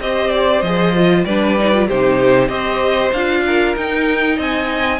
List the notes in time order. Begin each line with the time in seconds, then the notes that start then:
0.00 C4 G4 C5 D#5
0.31 D5
0.62 F3 G#4 D#5
0.96 F4
1.25 G3 D4 B4 D5
1.59 D#4
1.73 F4
1.88 C3 D#4 G4 C5
2.48 C4 G4 C5 D#5
3.13 D4 F4 F5
3.46 A#4
3.77 D#4 G5
4.37 C4 D#5 G#5